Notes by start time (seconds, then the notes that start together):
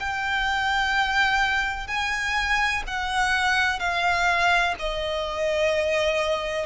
0.00 G5
1.87 G#5
2.87 F#5
3.79 F5
4.79 D#5